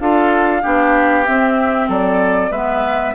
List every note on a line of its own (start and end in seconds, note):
0.00 0.63 D4
0.00 0.62 F4
0.00 0.62 A4
0.00 1.26 F5
0.62 1.28 B3
0.62 1.26 D4
0.62 1.88 G4
1.26 2.52 C4
1.26 1.89 C4
1.26 1.89 E5
1.88 2.51 F#3
1.88 2.51 A4
1.88 2.52 D5
2.51 3.14 G#3
2.51 3.15 B3
2.51 3.14 B4
2.51 3.15 E5